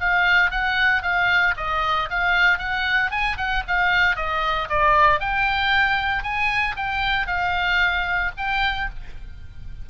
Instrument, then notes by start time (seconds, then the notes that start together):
oboe
0.00 F5
0.51 F#5
1.02 F5
1.57 D#5
2.10 F5
2.58 F#5
3.11 G#5
3.37 F#5
3.68 F5
4.16 D#5
4.69 D5
5.20 G5
6.23 G#5
6.76 G5
7.27 F5
8.37 G5